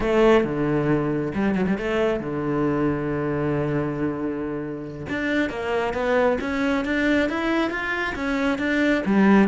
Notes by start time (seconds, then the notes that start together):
0.00 A3
0.44 D3
1.34 G3
1.54 F#3
1.67 G3
1.78 A3
2.20 D3
5.09 D4
5.49 A#3
5.93 B3
6.40 C#4
6.85 D4
7.29 E4
7.70 F4
8.15 C#4
8.58 D4
9.05 G3